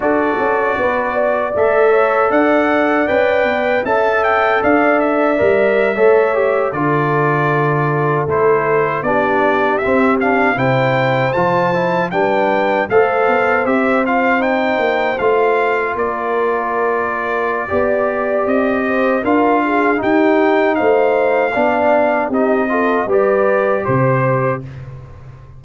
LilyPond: <<
  \new Staff \with { instrumentName = "trumpet" } { \time 4/4 \tempo 4 = 78 d''2 e''4 fis''4 | g''4 a''8 g''8 f''8 e''4.~ | e''8. d''2 c''4 d''16~ | d''8. e''8 f''8 g''4 a''4 g''16~ |
g''8. f''4 e''8 f''8 g''4 f''16~ | f''8. d''2.~ d''16 | dis''4 f''4 g''4 f''4~ | f''4 dis''4 d''4 c''4 | }
  \new Staff \with { instrumentName = "horn" } { \time 4/4 a'4 b'8 d''4 cis''8 d''4~ | d''4 e''4 d''4.~ d''16 cis''16~ | cis''8. a'2. g'16~ | g'4.~ g'16 c''2 b'16~ |
b'8. c''2.~ c''16~ | c''8. ais'2~ ais'16 d''4~ | d''8 c''8 ais'8 gis'8 g'4 c''4 | d''4 g'8 a'8 b'4 c''4 | }
  \new Staff \with { instrumentName = "trombone" } { \time 4/4 fis'2 a'2 | b'4 a'2 ais'8. a'16~ | a'16 g'8 f'2 e'4 d'16~ | d'8. c'8 d'8 e'4 f'8 e'8 d'16~ |
d'8. a'4 g'8 f'8 dis'4 f'16~ | f'2. g'4~ | g'4 f'4 dis'2 | d'4 dis'8 f'8 g'2 | }
  \new Staff \with { instrumentName = "tuba" } { \time 4/4 d'8 cis'8 b4 a4 d'4 | cis'8 b8 cis'4 d'4 g8. a16~ | a8. d2 a4 b16~ | b8. c'4 c4 f4 g16~ |
g8. a8 b8 c'4. ais8 a16~ | a8. ais2~ ais16 b4 | c'4 d'4 dis'4 a4 | b4 c'4 g4 c4 | }
>>